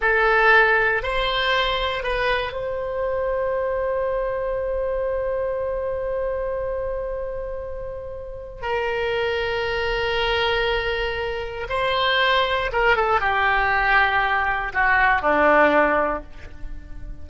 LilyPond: \new Staff \with { instrumentName = "oboe" } { \time 4/4 \tempo 4 = 118 a'2 c''2 | b'4 c''2.~ | c''1~ | c''1~ |
c''4 ais'2.~ | ais'2. c''4~ | c''4 ais'8 a'8 g'2~ | g'4 fis'4 d'2 | }